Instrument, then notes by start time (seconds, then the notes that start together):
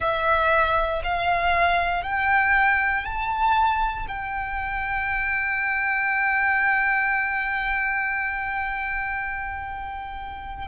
violin
0.00 E5
1.04 F5
2.03 G5
3.05 A5
4.08 G5